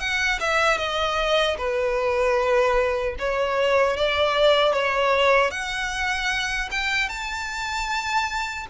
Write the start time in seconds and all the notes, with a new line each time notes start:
0.00 F#5
0.40 E5
0.78 D#5
1.58 B4
3.19 C#5
3.97 D5
4.73 C#5
5.51 F#5
6.71 G5
7.09 A5